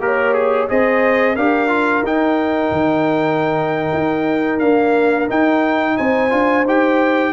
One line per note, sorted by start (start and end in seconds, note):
0.00 0.68 A#3
0.00 0.68 G4
0.00 0.34 A#4
0.00 0.70 C#5
0.34 0.68 G#4
0.69 1.36 C4
0.69 1.37 G#4
0.69 1.35 C5
0.69 1.36 D#5
1.35 2.03 D4
1.35 1.69 G4
1.35 5.96 A#4
1.35 2.04 F5
1.69 2.03 F4
2.03 2.71 D#4
2.03 4.61 D#4
2.03 4.59 G5
2.71 3.91 D#3
3.93 4.60 D#4
4.59 5.29 A#3
4.59 5.28 D4
4.59 5.27 F5
5.29 6.30 D#4
5.29 5.98 D#4
5.29 5.97 G5
5.97 6.32 C4
5.97 7.33 C5
5.97 6.65 G#5
6.30 6.65 D4
6.30 6.64 F4
6.65 7.33 D#4
6.65 7.33 G4
6.65 7.33 G5